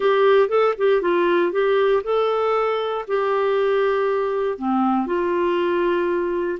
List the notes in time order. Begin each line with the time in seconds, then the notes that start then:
0.00 G4
0.48 A4
0.77 G4
1.01 F4
1.51 G4
2.03 A4
3.07 G4
4.58 C4
5.06 F4